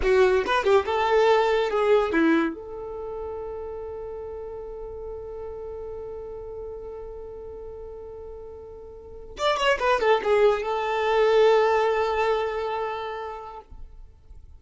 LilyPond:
\new Staff \with { instrumentName = "violin" } { \time 4/4 \tempo 4 = 141 fis'4 b'8 g'8 a'2 | gis'4 e'4 a'2~ | a'1~ | a'1~ |
a'1~ | a'2 d''8 cis''8 b'8 a'8 | gis'4 a'2.~ | a'1 | }